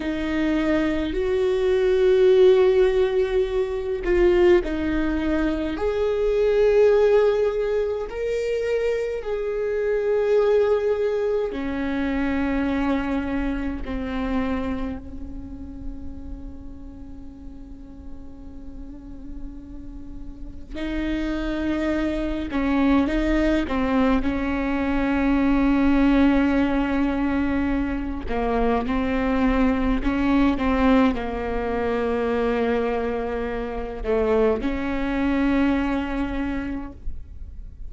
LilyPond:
\new Staff \with { instrumentName = "viola" } { \time 4/4 \tempo 4 = 52 dis'4 fis'2~ fis'8 f'8 | dis'4 gis'2 ais'4 | gis'2 cis'2 | c'4 cis'2.~ |
cis'2 dis'4. cis'8 | dis'8 c'8 cis'2.~ | cis'8 ais8 c'4 cis'8 c'8 ais4~ | ais4. a8 cis'2 | }